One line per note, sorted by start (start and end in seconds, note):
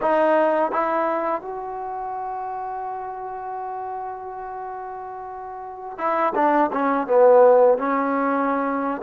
0.01 0.71 D#4
0.71 1.41 E4
1.41 5.98 F#4
5.98 6.33 E4
6.35 6.70 D4
6.72 7.07 C#4
7.07 7.77 B3
7.78 9.01 C#4